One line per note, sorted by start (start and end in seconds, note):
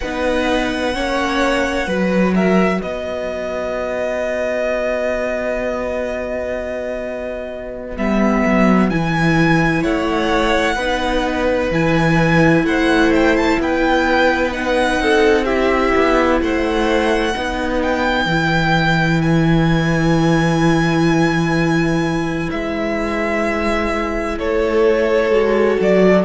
0.00 0.96 B3
0.00 0.94 D#4
0.00 0.94 B4
0.00 2.34 F#5
0.94 1.87 A#3
0.94 1.86 C#4
0.94 1.87 C#5
1.86 2.80 F#3
1.86 7.96 F#4
1.86 2.34 B4
2.34 2.79 A#4
2.34 2.81 E5
2.79 7.97 B3
2.79 9.81 B4
2.79 7.97 D#5
7.96 8.44 G3
7.96 8.90 B3
7.96 8.89 E5
8.46 8.90 F#3
8.89 9.84 E3
8.89 10.78 E4
8.89 9.83 G#5
9.81 10.76 A3
9.81 10.74 C#5
9.81 11.71 F#5
10.75 11.70 B3
10.75 11.72 D#4
10.75 12.62 B4
11.70 12.63 E3
11.70 14.52 E4
11.70 12.65 G#5
12.63 13.57 A3
12.63 13.60 C5
12.63 13.12 F#5
13.15 13.36 G5
13.36 13.59 A5
13.59 14.99 B3
13.59 15.01 B4
13.59 14.52 G5
14.52 15.45 D#4
14.52 15.44 F#5
14.99 15.93 C4
14.99 15.45 A4
15.44 17.33 E4
15.44 16.38 G4
15.44 16.38 E5
15.95 16.41 B3
16.41 17.35 A3
16.41 17.31 C5
16.41 17.81 F#5
17.31 18.25 B3
17.31 18.28 D#4
17.31 24.34 B4
17.81 19.21 G5
18.25 22.47 E3
18.25 25.31 E4
19.21 22.49 G#5
22.50 24.39 G#3
22.50 24.38 E5
24.38 25.30 A3
24.38 26.24 A4
24.38 25.79 C#5
25.30 25.77 G#3
25.30 26.24 F#4
25.80 26.24 F#3
25.80 26.24 D5